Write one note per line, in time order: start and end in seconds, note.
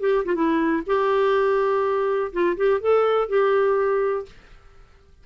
0.00 0.24 G4
0.25 0.35 F4
0.35 0.83 E4
0.86 2.31 G4
2.32 2.56 F4
2.57 2.80 G4
2.80 3.29 A4
3.29 4.26 G4